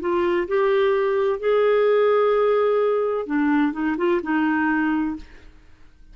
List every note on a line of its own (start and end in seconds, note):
0.00 0.47 F4
0.48 1.39 G4
1.39 3.26 G#4
3.26 3.72 D4
3.72 3.96 D#4
3.97 4.21 F4
4.22 5.16 D#4